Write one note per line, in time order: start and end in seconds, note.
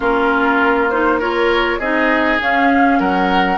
0.00 1.79 A#3
0.00 0.90 C#4
0.00 1.19 F4
0.00 0.89 A#4
0.89 1.21 D#4
0.89 1.19 C5
1.19 1.80 F4
1.19 1.78 A#4
1.19 1.79 C#5
1.78 2.39 C4
1.78 2.38 D#4
1.78 2.98 G#4
1.78 2.39 D#5
2.38 3.57 C#4
2.38 3.00 C#4
2.38 3.00 F5
2.99 3.57 F#3
2.99 3.57 A#4
2.99 3.57 F#5